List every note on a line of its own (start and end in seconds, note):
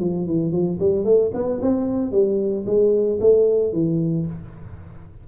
0.00 0.27 F3
0.27 0.52 E3
0.52 0.78 F3
0.80 1.05 G3
1.05 1.31 A3
1.34 1.60 B3
1.62 2.12 C4
2.12 2.65 G3
2.66 3.19 G#3
3.21 3.73 A3
3.73 4.26 E3